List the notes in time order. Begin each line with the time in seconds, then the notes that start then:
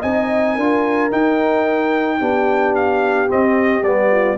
0.00 C4 D#4 D#5 G#5
0.55 D4 F4 A#4
1.11 D#4 G5
2.20 B3 D4 G4
2.75 F5
3.28 C4 D#5
3.82 G3 B3 D5
4.11 F4